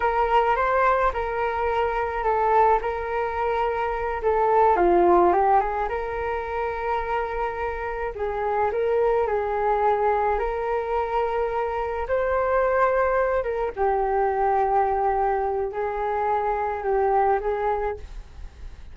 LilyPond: \new Staff \with { instrumentName = "flute" } { \time 4/4 \tempo 4 = 107 ais'4 c''4 ais'2 | a'4 ais'2~ ais'8 a'8~ | a'8 f'4 g'8 gis'8 ais'4.~ | ais'2~ ais'8 gis'4 ais'8~ |
ais'8 gis'2 ais'4.~ | ais'4. c''2~ c''8 | ais'8 g'2.~ g'8 | gis'2 g'4 gis'4 | }